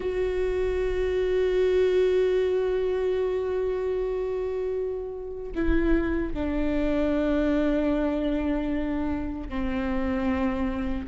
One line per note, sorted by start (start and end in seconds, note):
0.00 5.52 F#4
5.55 6.33 E4
6.33 9.49 D4
9.49 11.07 C4